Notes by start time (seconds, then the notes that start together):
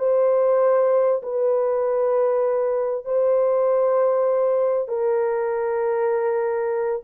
0.00 C5
1.23 B4
3.05 C5
4.89 A#4